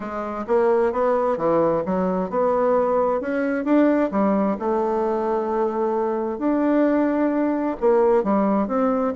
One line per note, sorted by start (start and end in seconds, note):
0.00 0.45 G#3
0.47 0.92 A#3
0.92 1.37 B3
1.37 1.83 E3
1.85 2.30 F#3
2.30 3.20 B3
3.20 3.64 C#4
3.64 4.10 D4
4.11 4.57 G3
4.59 6.38 A3
6.38 7.76 D4
7.80 8.23 A#3
8.23 8.67 G3
8.67 9.13 C4